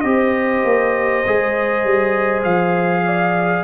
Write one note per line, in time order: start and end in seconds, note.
0.00 0.63 C4
0.00 1.24 G4
0.00 3.04 C5
0.00 2.40 D#5
0.64 1.24 A#3
1.26 1.84 G#3
1.26 3.63 G#4
1.84 2.44 G3
2.44 3.63 F3
2.44 3.63 F5
3.04 3.63 D5